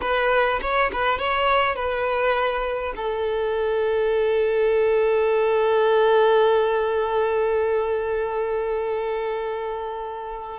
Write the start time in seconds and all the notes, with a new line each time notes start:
0.01 B4
0.61 C#5
0.92 B4
1.18 C#5
1.75 B4
2.95 A4